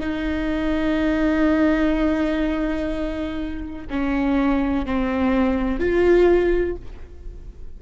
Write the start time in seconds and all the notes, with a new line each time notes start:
0.00 D#4
3.90 C#4
4.86 C4
5.80 F4